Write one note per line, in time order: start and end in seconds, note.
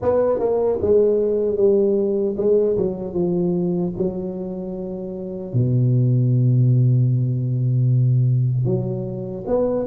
0.01 0.39 B3
0.39 0.79 A#3
0.81 1.56 G#3
1.56 2.35 G3
2.37 2.76 G#3
2.77 3.13 F#3
3.13 3.92 F3
3.97 5.53 F#3
5.53 8.65 B2
8.65 9.44 F#3
9.46 9.86 B3